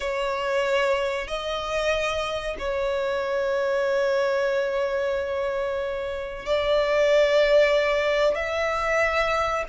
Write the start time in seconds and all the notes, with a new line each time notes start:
0.00 C#5
1.27 D#5
2.58 C#5
6.45 D5
8.35 E5